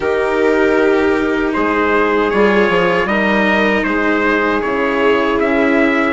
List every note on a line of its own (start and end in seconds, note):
0.00 1.53 D#3
0.00 2.31 D#4
0.00 1.54 G4
0.00 1.53 A#4
1.53 2.32 G#3
1.53 3.08 G#4
1.53 2.30 C5
2.30 2.69 G3
2.30 3.07 F4
2.30 3.07 C#5
2.69 3.05 F3
3.05 3.82 G3
3.05 4.61 D#4
3.05 3.85 A#4
3.05 3.83 D#5
3.83 4.61 G#3
3.83 6.12 G#4
3.83 4.60 C5
4.61 5.39 C#3
4.61 6.12 E4
4.61 5.38 C#5
5.39 6.12 C#4
5.39 6.12 E5